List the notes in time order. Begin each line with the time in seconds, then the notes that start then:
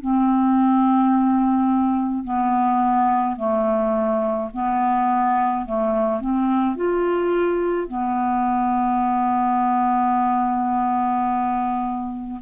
0.00 C4
2.23 B3
3.36 A3
4.52 B3
5.66 A3
6.20 C4
6.75 F4
7.87 B3